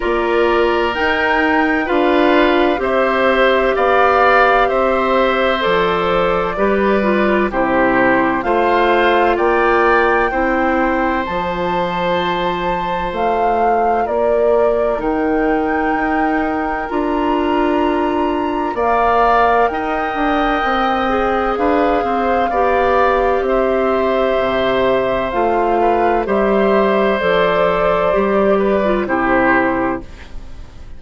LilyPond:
<<
  \new Staff \with { instrumentName = "flute" } { \time 4/4 \tempo 4 = 64 d''4 g''4 f''4 e''4 | f''4 e''4 d''2 | c''4 f''4 g''2 | a''2 f''4 d''4 |
g''2 ais''2 | f''4 g''2 f''4~ | f''4 e''2 f''4 | e''4 d''2 c''4 | }
  \new Staff \with { instrumentName = "oboe" } { \time 4/4 ais'2 b'4 c''4 | d''4 c''2 b'4 | g'4 c''4 d''4 c''4~ | c''2. ais'4~ |
ais'1 | d''4 dis''2 b'8 c''8 | d''4 c''2~ c''8 b'8 | c''2~ c''8 b'8 g'4 | }
  \new Staff \with { instrumentName = "clarinet" } { \time 4/4 f'4 dis'4 f'4 g'4~ | g'2 a'4 g'8 f'8 | e'4 f'2 e'4 | f'1 |
dis'2 f'2 | ais'2~ ais'8 gis'4. | g'2. f'4 | g'4 a'4 g'8. f'16 e'4 | }
  \new Staff \with { instrumentName = "bassoon" } { \time 4/4 ais4 dis'4 d'4 c'4 | b4 c'4 f4 g4 | c4 a4 ais4 c'4 | f2 a4 ais4 |
dis4 dis'4 d'2 | ais4 dis'8 d'8 c'4 d'8 c'8 | b4 c'4 c4 a4 | g4 f4 g4 c4 | }
>>